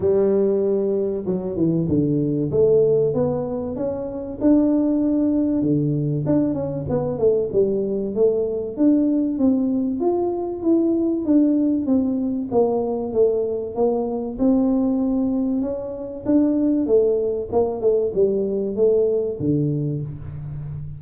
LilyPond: \new Staff \with { instrumentName = "tuba" } { \time 4/4 \tempo 4 = 96 g2 fis8 e8 d4 | a4 b4 cis'4 d'4~ | d'4 d4 d'8 cis'8 b8 a8 | g4 a4 d'4 c'4 |
f'4 e'4 d'4 c'4 | ais4 a4 ais4 c'4~ | c'4 cis'4 d'4 a4 | ais8 a8 g4 a4 d4 | }